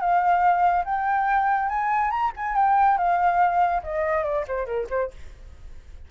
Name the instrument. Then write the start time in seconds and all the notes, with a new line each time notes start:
flute
0.00 F5
0.85 G5
1.69 G#5
2.11 A#5
2.36 G#5
2.56 G5
2.98 F5
3.83 D#5
4.24 D5
4.48 C5
4.66 A#4
4.90 C5